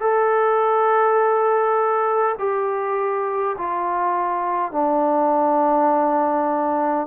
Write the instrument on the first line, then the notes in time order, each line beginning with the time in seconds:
trombone
0.00 A4
2.39 G4
3.58 F4
4.72 D4